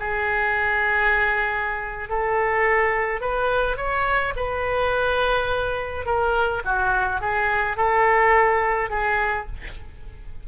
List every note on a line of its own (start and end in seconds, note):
0.00 2.09 G#4
2.09 3.21 A4
3.21 3.77 B4
3.77 4.34 C#5
4.36 6.06 B4
6.06 6.63 A#4
6.65 7.21 F#4
7.21 7.77 G#4
7.77 8.90 A4
8.90 9.47 G#4